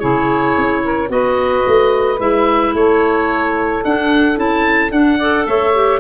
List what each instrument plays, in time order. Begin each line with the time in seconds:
0.00 tuba C#3, clarinet E4, saxophone G#4, oboe C#5
0.58 tuba C#4
0.84 saxophone A#4
1.09 tuba B3, clarinet F#4, saxophone B4, oboe D#5
1.67 tuba A3
2.19 tuba G#3, clarinet E4, oboe E5
2.74 tuba A3, saxophone A4, oboe C#5
3.84 tuba D4, clarinet D4, oboe F#5
4.36 tuba C#4, clarinet E4, oboe A5
4.90 clarinet D4, tuba D4, oboe F#5
5.18 clarinet A4, saxophone D5
5.47 tuba A3, saxophone C#5, oboe E5
5.75 clarinet G4